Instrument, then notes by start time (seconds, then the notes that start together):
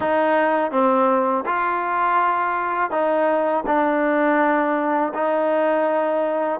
trombone
0.00 D#4
0.71 C4
1.46 F4
2.90 D#4
3.66 D4
5.14 D#4